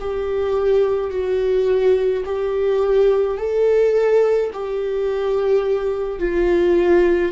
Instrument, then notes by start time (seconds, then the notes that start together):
viola
0.00 G4
1.10 F#4
2.25 G4
3.37 A4
4.53 G4
6.19 F4